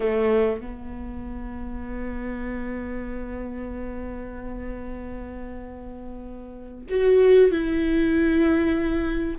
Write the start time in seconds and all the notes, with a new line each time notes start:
0.00 A3
0.60 B3
6.89 F#4
7.51 E4